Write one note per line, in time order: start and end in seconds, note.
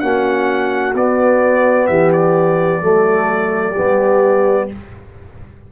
0.00 0.94 A#3
0.00 0.95 C#4
0.00 1.89 F#4
0.00 0.94 F#5
0.94 1.88 B3
0.94 2.81 B3
0.94 1.87 D5
1.87 2.82 E3
1.87 2.82 G4
1.87 2.11 E5
2.13 4.71 D5
2.81 3.76 F#3
2.81 3.75 A3
2.81 3.72 A4
3.72 4.69 B3
3.72 4.65 G4
3.78 4.72 G3